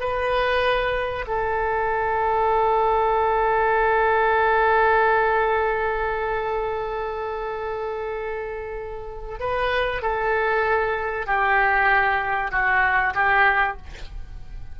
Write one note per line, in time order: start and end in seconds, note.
0.00 1.25 B4
1.27 9.40 A4
9.40 10.02 B4
10.02 11.26 A4
11.26 12.51 G4
12.51 13.14 F#4
13.14 13.77 G4